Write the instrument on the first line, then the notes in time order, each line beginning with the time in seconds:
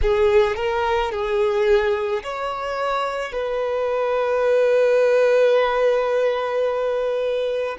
violin
0.01 G#4
0.56 A#4
1.11 G#4
2.23 C#5
3.32 B4